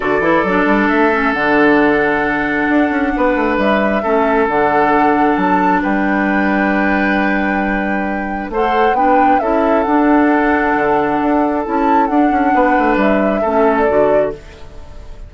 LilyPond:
<<
  \new Staff \with { instrumentName = "flute" } { \time 4/4 \tempo 4 = 134 d''2 e''4 fis''4~ | fis''1 | e''2 fis''2 | a''4 g''2.~ |
g''2. fis''4 | g''4 e''4 fis''2~ | fis''2 a''4 fis''4~ | fis''4 e''4.~ e''16 d''4~ d''16 | }
  \new Staff \with { instrumentName = "oboe" } { \time 4/4 a'1~ | a'2. b'4~ | b'4 a'2.~ | a'4 b'2.~ |
b'2. c''4 | b'4 a'2.~ | a'1 | b'2 a'2 | }
  \new Staff \with { instrumentName = "clarinet" } { \time 4/4 fis'8 e'8 d'4. cis'8 d'4~ | d'1~ | d'4 cis'4 d'2~ | d'1~ |
d'2. a'4 | d'4 e'4 d'2~ | d'2 e'4 d'4~ | d'2 cis'4 fis'4 | }
  \new Staff \with { instrumentName = "bassoon" } { \time 4/4 d8 e8 fis8 g8 a4 d4~ | d2 d'8 cis'8 b8 a8 | g4 a4 d2 | fis4 g2.~ |
g2. a4 | b4 cis'4 d'2 | d4 d'4 cis'4 d'8 cis'8 | b8 a8 g4 a4 d4 | }
>>